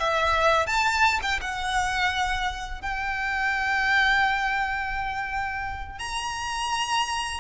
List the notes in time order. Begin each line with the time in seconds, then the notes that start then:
0.00 E5
0.67 A5
1.23 G5
1.41 F#5
2.82 G5
6.00 A#5